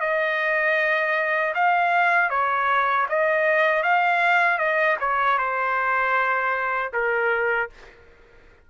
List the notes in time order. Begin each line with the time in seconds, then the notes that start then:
0.00 D#5
1.55 F5
2.30 C#5
3.09 D#5
3.83 F5
4.58 D#5
5.00 C#5
5.38 C5
6.93 A#4